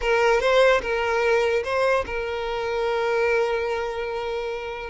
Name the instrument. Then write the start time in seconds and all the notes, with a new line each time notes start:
violin
0.01 A#4
0.40 C5
0.81 A#4
1.63 C5
2.06 A#4